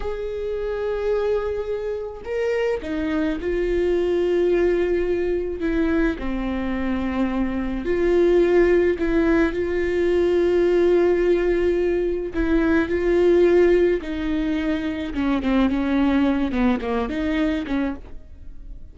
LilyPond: \new Staff \with { instrumentName = "viola" } { \time 4/4 \tempo 4 = 107 gis'1 | ais'4 dis'4 f'2~ | f'2 e'4 c'4~ | c'2 f'2 |
e'4 f'2.~ | f'2 e'4 f'4~ | f'4 dis'2 cis'8 c'8 | cis'4. b8 ais8 dis'4 cis'8 | }